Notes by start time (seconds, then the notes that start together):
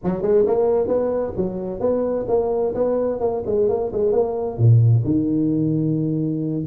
0.03 F#3
0.21 G#3
0.46 A#3
0.87 B3
1.36 F#3
1.80 B3
2.28 A#3
2.74 B3
3.20 A#3
3.46 G#3
3.68 A#3
3.92 G#3
4.12 A#3
4.57 A#2
5.04 D#3